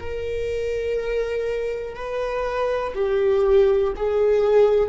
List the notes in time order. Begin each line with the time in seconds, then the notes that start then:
0.00 A#4
1.96 B4
2.95 G4
3.96 G#4